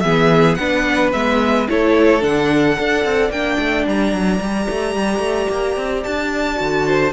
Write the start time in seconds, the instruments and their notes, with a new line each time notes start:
0.00 cello E3, viola B3, violin G#4 E5
0.55 cello B3, viola D4, violin B4 F#5
1.12 cello G#3, viola B3, violin E5
1.68 cello A3, viola E4, violin A4 C#5
2.20 cello D3, viola D4, violin F#5
2.77 cello D4, viola A4, violin D5
3.04 cello C4
3.30 cello A#3, viola D4, violin G5
3.59 cello A3
3.87 cello G3, violin A#5
4.12 cello F#3
4.40 cello G3, viola G4
4.69 cello A3
4.95 cello G3
5.19 cello A3
5.49 cello A#3
5.76 cello C4
6.03 cello D4, violin A5
6.55 cello D3, viola F#4
6.86 violin C5